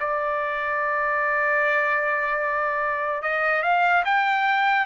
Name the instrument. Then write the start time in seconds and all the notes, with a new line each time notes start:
trumpet
0.00 D5
3.22 D#5
3.63 F5
4.05 G5